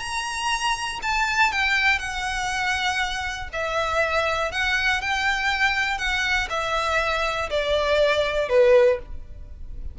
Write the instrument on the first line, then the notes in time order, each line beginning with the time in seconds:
violin
0.00 A#5
1.03 A5
1.52 G5
1.99 F#5
3.53 E5
4.52 F#5
5.01 G5
5.98 F#5
6.50 E5
7.50 D5
8.49 B4